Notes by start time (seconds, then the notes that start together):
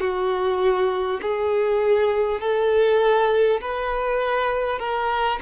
0.00 F#4
1.21 G#4
2.40 A4
3.61 B4
4.79 A#4